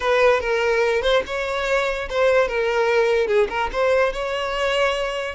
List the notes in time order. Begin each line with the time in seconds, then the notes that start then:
0.00 B4
0.40 A#4
1.02 C5
1.26 C#5
2.09 C5
2.48 A#4
3.27 G#4
3.49 A#4
3.72 C5
4.12 C#5